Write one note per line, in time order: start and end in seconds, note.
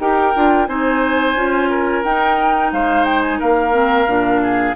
0.00 0.34 D#4
0.00 0.35 G4
0.00 0.68 A#4
0.00 0.67 G5
0.35 0.68 D4
0.35 0.68 F4
0.67 1.36 C4
0.67 1.36 D#4
0.67 1.70 C5
0.67 2.03 G#5
1.36 2.04 C#4
1.36 2.04 F4
1.70 2.72 A#4
2.04 2.72 D#4
2.04 3.73 D#4
2.04 2.72 G5
2.72 3.41 G#3
2.72 3.39 C5
2.72 3.05 F5
3.05 3.22 G5
3.22 3.39 G#5
3.39 4.07 A#3
3.39 4.41 A#4
3.39 4.76 F5
3.73 4.07 C4
4.07 4.75 A#2
4.07 4.75 D4
4.43 4.76 G#4